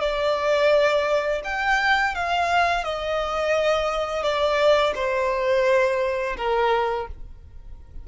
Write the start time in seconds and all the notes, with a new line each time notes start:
0.00 D5
1.44 G5
2.14 F5
2.84 D#5
4.23 D5
4.95 C5
6.36 A#4